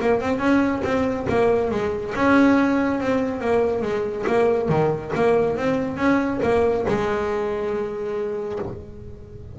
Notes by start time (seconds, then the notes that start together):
0.00 A#3
0.20 C4
0.39 C#4
0.83 C4
1.29 A#3
1.70 G#3
2.15 C#4
3.00 C4
3.40 A#3
3.81 G#3
4.26 A#3
4.69 D#3
5.15 A#3
5.57 C4
5.96 C#4
6.42 A#3
6.87 G#3